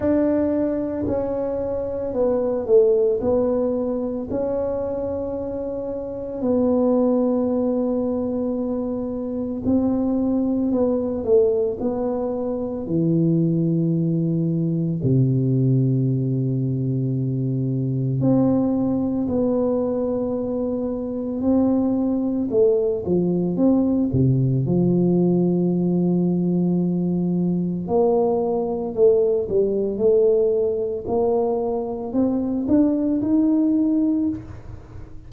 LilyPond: \new Staff \with { instrumentName = "tuba" } { \time 4/4 \tempo 4 = 56 d'4 cis'4 b8 a8 b4 | cis'2 b2~ | b4 c'4 b8 a8 b4 | e2 c2~ |
c4 c'4 b2 | c'4 a8 f8 c'8 c8 f4~ | f2 ais4 a8 g8 | a4 ais4 c'8 d'8 dis'4 | }